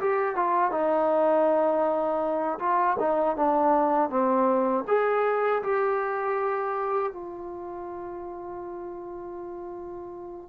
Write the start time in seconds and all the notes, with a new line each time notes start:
0.00 G4
0.35 F4
0.71 D#4
2.59 F4
2.99 D#4
3.36 D4
4.09 C4
4.88 G#4
5.62 G4
7.12 F4